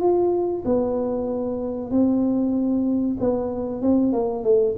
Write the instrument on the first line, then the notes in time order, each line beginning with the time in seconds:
tuba
0.00 F4
0.65 B3
1.91 C4
3.20 B3
3.82 C4
4.12 A#3
4.44 A3